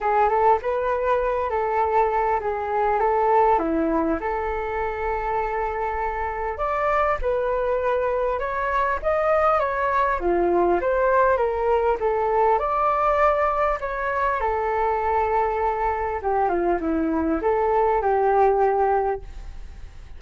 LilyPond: \new Staff \with { instrumentName = "flute" } { \time 4/4 \tempo 4 = 100 gis'8 a'8 b'4. a'4. | gis'4 a'4 e'4 a'4~ | a'2. d''4 | b'2 cis''4 dis''4 |
cis''4 f'4 c''4 ais'4 | a'4 d''2 cis''4 | a'2. g'8 f'8 | e'4 a'4 g'2 | }